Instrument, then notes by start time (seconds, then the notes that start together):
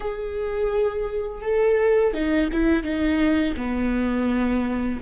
viola
0.00 G#4
1.42 A4
2.13 D#4
2.52 E4
2.83 D#4
3.56 B3